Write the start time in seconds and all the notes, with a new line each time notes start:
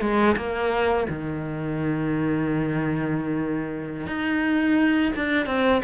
0.00 G#3
0.36 A#3
1.09 D#3
4.06 D#4
5.15 D4
5.46 C4